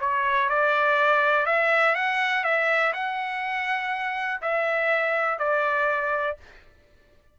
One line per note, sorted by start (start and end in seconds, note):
0.00 0.49 C#5
0.49 1.46 D5
1.46 1.95 E5
1.95 2.44 F#5
2.44 2.93 E5
2.93 4.41 F#5
4.42 5.39 E5
5.39 6.37 D5